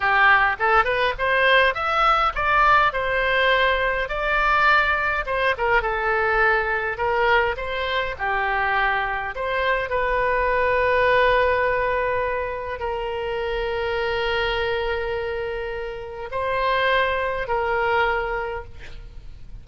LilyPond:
\new Staff \with { instrumentName = "oboe" } { \time 4/4 \tempo 4 = 103 g'4 a'8 b'8 c''4 e''4 | d''4 c''2 d''4~ | d''4 c''8 ais'8 a'2 | ais'4 c''4 g'2 |
c''4 b'2.~ | b'2 ais'2~ | ais'1 | c''2 ais'2 | }